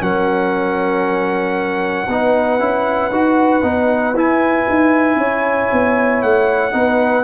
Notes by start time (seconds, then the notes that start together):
0.00 F#3 C#4 A#4 F#5
2.07 B3 D#4 B4
2.59 C#4 E4
3.11 D#4 F#4
3.62 B3 D#4
4.14 E4 G#5
4.69 D#4
5.16 C#4 C#5
5.72 B3
6.22 A3 F#5
6.72 B3 D#4 B4